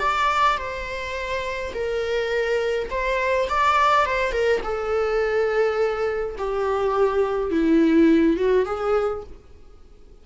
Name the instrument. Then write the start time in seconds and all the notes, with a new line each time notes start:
viola
0.00 D5
0.58 C5
1.74 A#4
2.91 C5
3.49 D5
4.06 C5
4.32 A#4
4.63 A4
6.38 G4
7.51 E4
8.37 F#4
8.66 G#4